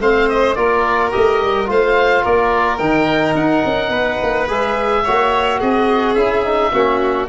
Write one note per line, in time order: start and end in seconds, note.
0.00 0.56 A3
0.00 0.56 C4
0.00 0.57 C5
0.00 0.29 F5
0.29 0.55 D#5
0.55 1.12 A#3
0.55 1.11 F4
0.55 1.69 A#4
0.55 1.11 D5
1.11 1.42 A3
1.11 1.66 G4
1.11 1.68 D#5
1.42 1.69 G3
1.66 2.25 A3
1.66 2.79 F4
1.66 2.23 C5
1.66 2.25 F5
2.23 2.80 A#3
2.23 3.89 A#4
2.23 2.78 D5
2.78 3.35 D#3
2.78 4.48 D#4
2.78 3.34 G5
3.35 3.63 D#4
3.35 4.48 F#5
3.65 3.89 C#4
3.89 4.17 B3
3.89 5.02 B4
4.23 4.50 A#3
4.48 5.06 G#3
4.48 5.04 G#4
4.48 5.61 E5
5.04 5.62 A#3
5.04 6.17 F#4
5.04 5.59 C#5
5.59 6.15 C4
5.59 6.71 G#4
5.59 6.14 D#5
6.14 6.71 C#4
6.14 6.44 E4
6.14 7.26 E5
6.44 6.72 D#4
6.72 7.28 A#3
6.72 7.29 C#4
6.72 7.29 F#4